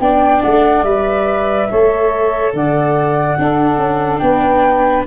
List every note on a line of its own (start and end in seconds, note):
0.00 0.42 B3
0.00 0.86 D4
0.00 1.69 D5
0.00 0.42 G5
0.42 0.83 A3
0.42 0.83 F#5
0.83 1.68 G3
0.83 1.70 B4
0.83 2.52 E5
1.69 2.53 A3
1.69 3.38 A4
1.69 2.54 C#5
2.53 3.38 D3
2.53 3.38 D5
2.53 4.19 F#5
3.38 3.78 D4
3.38 5.07 D4
3.38 4.22 A4
3.78 4.20 C#4
4.19 5.06 B3
4.19 5.07 B4
4.19 5.04 G5